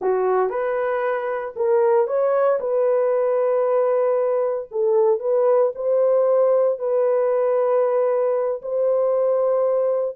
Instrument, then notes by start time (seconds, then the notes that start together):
horn
0.01 F#4
0.49 B4
1.56 A#4
2.07 C#5
2.60 B4
4.71 A4
5.19 B4
5.75 C5
6.78 B4
8.62 C5